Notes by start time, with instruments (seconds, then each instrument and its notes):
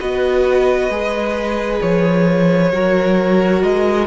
0.00 cello B3, viola F#4, violin B4 D#5
0.90 cello G#3, viola G#4
1.82 cello F3, violin C#5
2.72 cello F#3, viola F#4, violin A#4
3.63 cello G#3, violin D#5